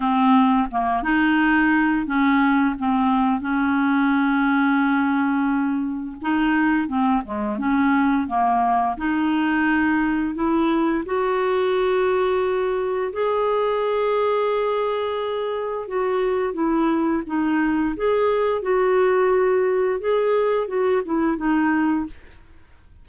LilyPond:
\new Staff \with { instrumentName = "clarinet" } { \time 4/4 \tempo 4 = 87 c'4 ais8 dis'4. cis'4 | c'4 cis'2.~ | cis'4 dis'4 c'8 gis8 cis'4 | ais4 dis'2 e'4 |
fis'2. gis'4~ | gis'2. fis'4 | e'4 dis'4 gis'4 fis'4~ | fis'4 gis'4 fis'8 e'8 dis'4 | }